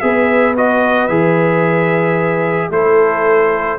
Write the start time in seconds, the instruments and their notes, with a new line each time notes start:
0.00 tuba B3, trombone G#4, horn B4, trumpet E5
0.56 trombone F#4, trumpet D#5
1.08 tuba E3, trombone G#4, trumpet E5
2.70 tuba A3, trombone E4, horn A4, trumpet C5